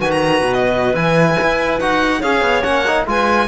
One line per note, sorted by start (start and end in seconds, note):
0.00 0.42 D#3
0.00 0.95 F#4
0.00 2.20 B4
0.00 0.11 G#5
0.11 0.53 A#5
0.42 0.94 B2
0.54 0.96 D#5
0.94 1.36 E3
0.94 1.80 E4
0.94 1.79 G#5
1.42 1.80 E4
1.79 2.23 D#4
1.79 2.22 F#4
1.79 2.22 F#5
2.20 2.41 C#4
2.20 2.63 G#4
2.20 3.05 C#5
2.20 2.63 F5
2.41 2.63 B3
2.63 3.07 A#3
2.63 2.85 C#4
2.63 3.05 F#5
2.87 3.07 D#4
3.07 3.48 G#3
3.07 3.48 F4
3.07 3.48 B4
3.07 3.48 G#5